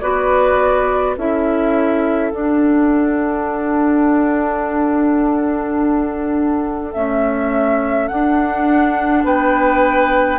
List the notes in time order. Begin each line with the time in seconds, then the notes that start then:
0.00 B3 F#4 B4 D5
1.17 C#4 E4 A4 E5
2.31 D4 F#5
6.92 A3 C#4 E5
8.07 D4 F#5
9.24 B3 B4 G5